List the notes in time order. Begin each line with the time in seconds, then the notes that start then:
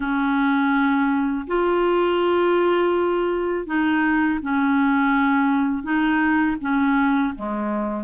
0.00 C#4
1.47 F4
3.66 D#4
4.42 C#4
5.83 D#4
6.61 C#4
7.35 G#3